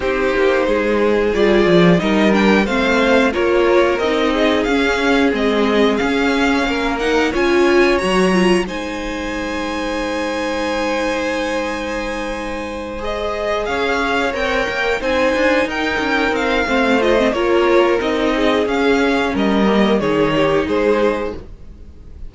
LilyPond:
<<
  \new Staff \with { instrumentName = "violin" } { \time 4/4 \tempo 4 = 90 c''2 d''4 dis''8 g''8 | f''4 cis''4 dis''4 f''4 | dis''4 f''4. fis''8 gis''4 | ais''4 gis''2.~ |
gis''2.~ gis''8 dis''8~ | dis''8 f''4 g''4 gis''4 g''8~ | g''8 f''4 dis''8 cis''4 dis''4 | f''4 dis''4 cis''4 c''4 | }
  \new Staff \with { instrumentName = "violin" } { \time 4/4 g'4 gis'2 ais'4 | c''4 ais'4. gis'4.~ | gis'2 ais'4 cis''4~ | cis''4 c''2.~ |
c''1~ | c''8 cis''2 c''4 ais'8~ | ais'4 c''4 ais'4. gis'8~ | gis'4 ais'4 gis'8 g'8 gis'4 | }
  \new Staff \with { instrumentName = "viola" } { \time 4/4 dis'2 f'4 dis'8 d'8 | c'4 f'4 dis'4 cis'4 | c'4 cis'4. dis'8 f'4 | fis'8 f'8 dis'2.~ |
dis'2.~ dis'8 gis'8~ | gis'4. ais'4 dis'4.~ | dis'4 c'8 f'16 c'16 f'4 dis'4 | cis'4. ais8 dis'2 | }
  \new Staff \with { instrumentName = "cello" } { \time 4/4 c'8 ais8 gis4 g8 f8 g4 | a4 ais4 c'4 cis'4 | gis4 cis'4 ais4 cis'4 | fis4 gis2.~ |
gis1~ | gis8 cis'4 c'8 ais8 c'8 d'8 dis'8 | cis'8 c'8 a4 ais4 c'4 | cis'4 g4 dis4 gis4 | }
>>